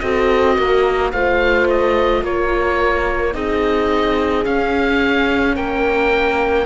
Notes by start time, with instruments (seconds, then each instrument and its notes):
0.00 cello C4, viola F#4, horn A4, oboe D#5
0.57 cello A#3, horn A#4
1.12 cello A3, viola F4, horn C5, oboe F5
1.70 oboe D#5
2.23 cello A#3, horn A#4, oboe C#5
3.33 cello C4, viola D#4, horn G#4, oboe D#5
4.44 viola C#4, cello C#4, oboe F5
5.56 cello A#3, horn A#4, oboe G5